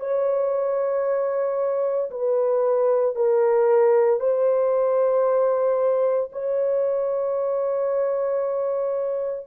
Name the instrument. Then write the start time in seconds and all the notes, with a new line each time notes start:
horn
0.00 C#5
2.11 B4
3.16 A#4
4.20 C5
6.33 C#5